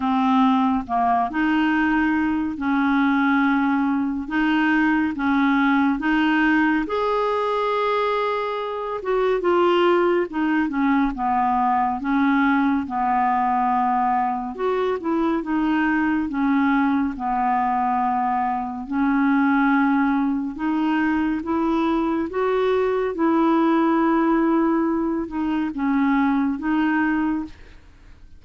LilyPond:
\new Staff \with { instrumentName = "clarinet" } { \time 4/4 \tempo 4 = 70 c'4 ais8 dis'4. cis'4~ | cis'4 dis'4 cis'4 dis'4 | gis'2~ gis'8 fis'8 f'4 | dis'8 cis'8 b4 cis'4 b4~ |
b4 fis'8 e'8 dis'4 cis'4 | b2 cis'2 | dis'4 e'4 fis'4 e'4~ | e'4. dis'8 cis'4 dis'4 | }